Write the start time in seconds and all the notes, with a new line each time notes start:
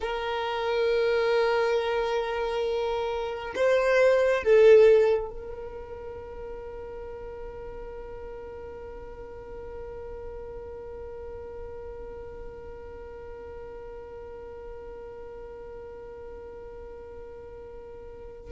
0.00 A#4
3.55 C5
4.43 A4
5.30 A#4